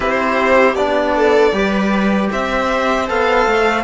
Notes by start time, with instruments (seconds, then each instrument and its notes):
0.00 cello C4, trombone E4, viola G4, violin C5
0.75 cello B3, trombone D4, violin D5
1.15 viola A4
1.52 cello G3, trombone G4, viola B4
2.31 cello C4, viola C5, violin E5
3.07 cello B3, trombone A4, violin F5
3.46 cello A3